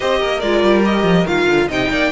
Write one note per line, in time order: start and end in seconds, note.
0.00 0.22 C4
0.00 0.42 G4
0.00 0.19 C5
0.00 0.39 D#5
0.19 0.42 A#3
0.19 1.67 A#4
0.39 0.63 G#3
0.39 0.84 F4
0.39 0.82 D5
0.63 1.03 G3
0.84 1.26 G4
0.84 1.26 D#5
1.03 1.24 F3
1.26 1.47 D#3
1.26 1.69 F4
1.26 1.69 F5
1.47 1.68 D3
1.67 1.90 C3
1.67 2.11 D#4
1.67 1.88 D#5
1.67 2.11 G5
1.90 2.11 A#3
1.90 2.11 D5